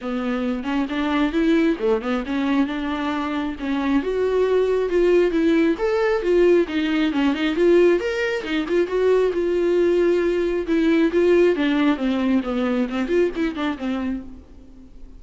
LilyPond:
\new Staff \with { instrumentName = "viola" } { \time 4/4 \tempo 4 = 135 b4. cis'8 d'4 e'4 | a8 b8 cis'4 d'2 | cis'4 fis'2 f'4 | e'4 a'4 f'4 dis'4 |
cis'8 dis'8 f'4 ais'4 dis'8 f'8 | fis'4 f'2. | e'4 f'4 d'4 c'4 | b4 c'8 f'8 e'8 d'8 c'4 | }